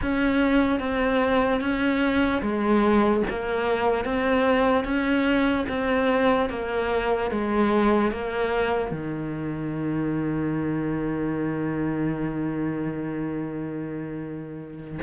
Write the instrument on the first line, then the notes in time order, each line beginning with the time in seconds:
cello
0.02 C#4
0.79 C4
1.60 C#4
2.42 G#3
3.29 A#3
4.04 C4
4.84 C#4
5.68 C4
6.49 A#3
7.30 G#3
8.11 A#3
8.91 D#3